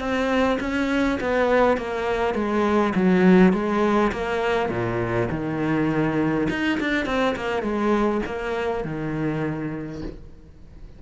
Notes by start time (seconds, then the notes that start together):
0.00 C4
0.60 C#4
1.21 B3
1.78 A#3
2.35 G#3
2.95 F#3
3.53 G#3
4.13 A#3
4.70 A#2
5.30 D#3
6.50 D#4
6.80 D4
7.06 C4
7.36 A#3
7.63 G#3
8.26 A#3
8.85 D#3